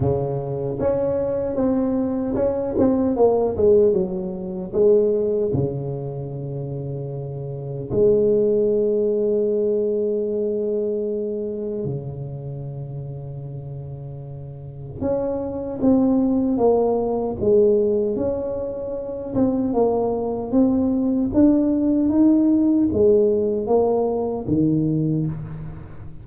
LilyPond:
\new Staff \with { instrumentName = "tuba" } { \time 4/4 \tempo 4 = 76 cis4 cis'4 c'4 cis'8 c'8 | ais8 gis8 fis4 gis4 cis4~ | cis2 gis2~ | gis2. cis4~ |
cis2. cis'4 | c'4 ais4 gis4 cis'4~ | cis'8 c'8 ais4 c'4 d'4 | dis'4 gis4 ais4 dis4 | }